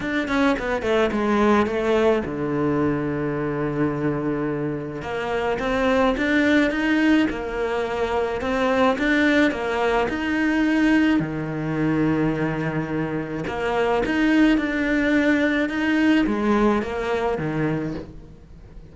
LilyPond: \new Staff \with { instrumentName = "cello" } { \time 4/4 \tempo 4 = 107 d'8 cis'8 b8 a8 gis4 a4 | d1~ | d4 ais4 c'4 d'4 | dis'4 ais2 c'4 |
d'4 ais4 dis'2 | dis1 | ais4 dis'4 d'2 | dis'4 gis4 ais4 dis4 | }